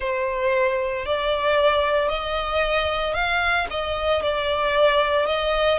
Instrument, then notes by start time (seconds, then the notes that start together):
violin
0.00 C5
1.05 D5
2.09 D#5
3.13 F5
3.70 D#5
4.22 D5
5.26 D#5